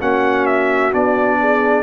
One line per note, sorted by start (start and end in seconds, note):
0.00 0.93 A#3
0.00 0.92 C#4
0.00 1.38 F#4
0.00 0.47 F#5
0.47 0.93 E5
0.92 1.83 B3
0.92 1.83 D4
0.92 1.83 D5
1.40 1.83 G#4